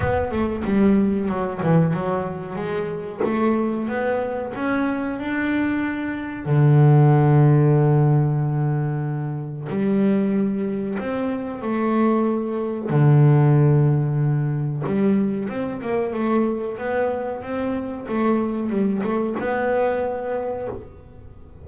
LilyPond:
\new Staff \with { instrumentName = "double bass" } { \time 4/4 \tempo 4 = 93 b8 a8 g4 fis8 e8 fis4 | gis4 a4 b4 cis'4 | d'2 d2~ | d2. g4~ |
g4 c'4 a2 | d2. g4 | c'8 ais8 a4 b4 c'4 | a4 g8 a8 b2 | }